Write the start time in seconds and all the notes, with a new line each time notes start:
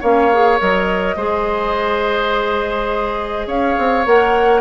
0.00 A#3 C#4 C#5 F5
0.32 G#4
0.59 F#3 A#4 D#5
1.16 G#3 G#4 C5
3.46 C#4 C#5 F5
3.78 C4
4.06 A#3 A#4 F#5